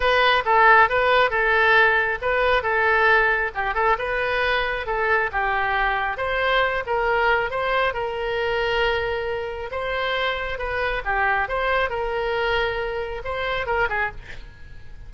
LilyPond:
\new Staff \with { instrumentName = "oboe" } { \time 4/4 \tempo 4 = 136 b'4 a'4 b'4 a'4~ | a'4 b'4 a'2 | g'8 a'8 b'2 a'4 | g'2 c''4. ais'8~ |
ais'4 c''4 ais'2~ | ais'2 c''2 | b'4 g'4 c''4 ais'4~ | ais'2 c''4 ais'8 gis'8 | }